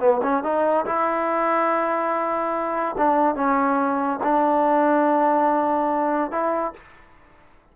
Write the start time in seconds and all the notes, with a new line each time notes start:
0.00 B3
0.23 C#4
0.43 D#4
0.86 E4
2.98 D4
3.35 C#4
4.23 D4
6.31 E4